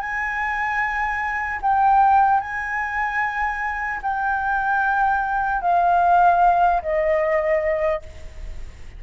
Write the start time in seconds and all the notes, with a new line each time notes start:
0.00 G#5
1.62 G5
2.41 G#5
4.03 G5
5.62 F5
6.82 D#5